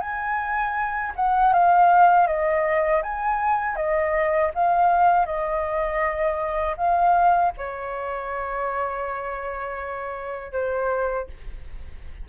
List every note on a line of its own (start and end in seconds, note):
0.00 1.12 G#5
1.15 1.52 F#5
1.52 2.27 F5
2.27 3.02 D#5
3.02 3.76 G#5
3.76 4.51 D#5
4.54 5.25 F5
5.25 6.75 D#5
6.77 7.52 F5
7.57 10.52 C#5
10.52 11.27 C5